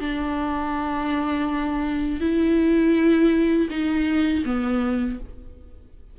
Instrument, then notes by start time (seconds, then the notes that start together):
viola
0.00 D4
2.21 E4
3.70 D#4
4.46 B3